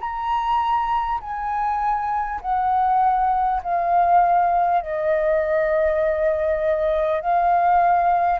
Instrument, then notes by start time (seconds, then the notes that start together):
flute
0.00 A#5
1.21 G#5
2.41 F#5
3.63 F5
4.81 D#5
7.21 F5